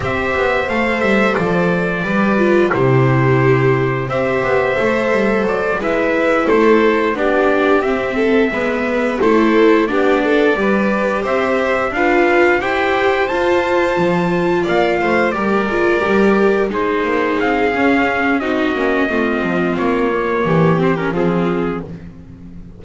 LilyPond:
<<
  \new Staff \with { instrumentName = "trumpet" } { \time 4/4 \tempo 4 = 88 e''4 f''8 e''8 d''2 | c''2 e''2 | d''8 e''4 c''4 d''4 e''8~ | e''4. c''4 d''4.~ |
d''8 e''4 f''4 g''4 a''8~ | a''4. f''4 d''4.~ | d''8 c''4 f''4. dis''4~ | dis''4 cis''4. c''16 ais'16 gis'4 | }
  \new Staff \with { instrumentName = "violin" } { \time 4/4 c''2. b'4 | g'2 c''2~ | c''8 b'4 a'4 g'4. | a'8 b'4 a'4 g'8 a'8 b'8~ |
b'8 c''4 b'4 c''4.~ | c''4. d''8 c''8 ais'4.~ | ais'8 gis'2~ gis'8 fis'4 | f'2 g'4 f'4 | }
  \new Staff \with { instrumentName = "viola" } { \time 4/4 g'4 a'2 g'8 f'8 | e'2 g'4 a'4~ | a'8 e'2 d'4 c'8~ | c'8 b4 e'4 d'4 g'8~ |
g'4. f'4 g'4 f'8~ | f'2~ f'8 g'8 f'8 g'8~ | g'8 dis'4. cis'4 dis'8 cis'8 | c'4. ais4 c'16 cis'16 c'4 | }
  \new Staff \with { instrumentName = "double bass" } { \time 4/4 c'8 b8 a8 g8 f4 g4 | c2 c'8 b8 a8 g8 | fis8 gis4 a4 b4 c'8~ | c'8 gis4 a4 b4 g8~ |
g8 c'4 d'4 e'4 f'8~ | f'8 f4 ais8 a8 g8 gis8 g8~ | g8 gis8 ais8 c'8 cis'4 c'8 ais8 | a8 f8 ais4 e4 f4 | }
>>